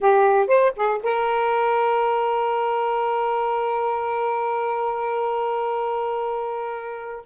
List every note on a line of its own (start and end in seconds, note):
0.00 0.47 G4
0.47 0.72 C5
0.75 1.00 G#4
1.02 7.25 A#4